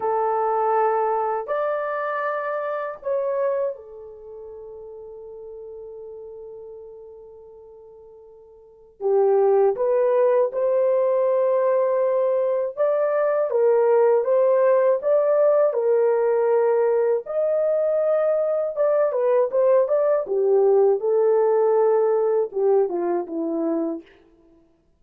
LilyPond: \new Staff \with { instrumentName = "horn" } { \time 4/4 \tempo 4 = 80 a'2 d''2 | cis''4 a'2.~ | a'1 | g'4 b'4 c''2~ |
c''4 d''4 ais'4 c''4 | d''4 ais'2 dis''4~ | dis''4 d''8 b'8 c''8 d''8 g'4 | a'2 g'8 f'8 e'4 | }